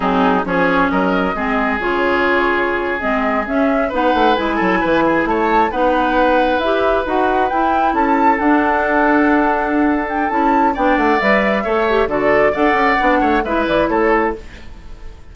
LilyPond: <<
  \new Staff \with { instrumentName = "flute" } { \time 4/4 \tempo 4 = 134 gis'4 cis''4 dis''2 | cis''2~ cis''8. dis''4 e''16~ | e''8. fis''4 gis''2 a''16~ | a''8. fis''2 e''4 fis''16~ |
fis''8. g''4 a''4 fis''4~ fis''16~ | fis''2~ fis''8 g''8 a''4 | g''8 fis''8 e''2 d''4 | fis''2 e''8 d''8 cis''4 | }
  \new Staff \with { instrumentName = "oboe" } { \time 4/4 dis'4 gis'4 ais'4 gis'4~ | gis'1~ | gis'8. b'4. a'8 b'8 gis'8 cis''16~ | cis''8. b'2.~ b'16~ |
b'4.~ b'16 a'2~ a'16~ | a'1 | d''2 cis''4 a'4 | d''4. cis''8 b'4 a'4 | }
  \new Staff \with { instrumentName = "clarinet" } { \time 4/4 c'4 cis'2 c'4 | f'2~ f'8. c'4 cis'16~ | cis'8. dis'4 e'2~ e'16~ | e'8. dis'2 g'4 fis'16~ |
fis'8. e'2 d'4~ d'16~ | d'2. e'4 | d'4 b'4 a'8 g'8 fis'4 | a'4 d'4 e'2 | }
  \new Staff \with { instrumentName = "bassoon" } { \time 4/4 fis4 f4 fis4 gis4 | cis2~ cis8. gis4 cis'16~ | cis'8. b8 a8 gis8 fis8 e4 a16~ | a8. b2 e'4 dis'16~ |
dis'8. e'4 cis'4 d'4~ d'16~ | d'2. cis'4 | b8 a8 g4 a4 d4 | d'8 cis'8 b8 a8 gis8 e8 a4 | }
>>